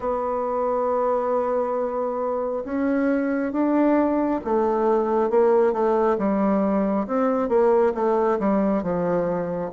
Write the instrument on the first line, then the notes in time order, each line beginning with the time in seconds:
bassoon
0.00 B3
2.64 C#4
3.52 D4
4.44 A3
5.29 A#3
5.72 A3
6.18 G3
7.07 C4
7.48 A#3
7.94 A3
8.39 G3
8.82 F3